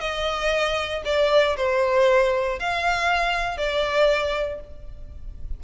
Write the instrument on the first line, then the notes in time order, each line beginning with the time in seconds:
violin
0.00 D#5
1.05 D5
1.56 C5
2.59 F5
3.57 D5